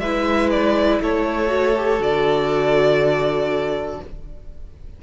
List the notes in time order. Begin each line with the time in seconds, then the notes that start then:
0.00 G#3 E4 B4 E5
0.50 D5
1.00 A3 A4 C#5
1.48 F#4
1.76 G4
1.99 D3 F#4 D5